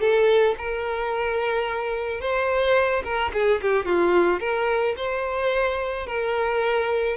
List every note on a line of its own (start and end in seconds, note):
0.00 0.55 A4
0.58 2.20 A#4
2.20 3.03 C5
3.04 3.32 A#4
3.33 3.61 G#4
3.62 3.85 G4
3.85 4.40 F4
4.40 4.95 A#4
4.97 6.07 C5
6.07 7.16 A#4